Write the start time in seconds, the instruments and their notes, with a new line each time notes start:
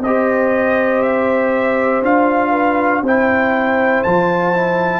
0.00 tuba C4, trombone G4, horn C5, trumpet D#5
1.02 trumpet E5
2.01 tuba D4, trombone F4, trumpet F5
2.50 horn B4
3.01 tuba C4, trombone E4, horn C5, trumpet G5
4.03 tuba F3, trombone F4, trumpet A5
4.53 trombone E4